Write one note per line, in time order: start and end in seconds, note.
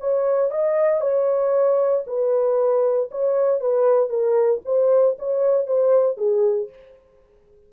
0.00 0.51 C#5
0.51 1.01 D#5
1.01 2.04 C#5
2.07 3.10 B4
3.11 3.60 C#5
3.60 4.09 B4
4.09 4.61 A#4
4.65 5.17 C5
5.19 5.67 C#5
5.67 6.17 C5
6.17 6.69 G#4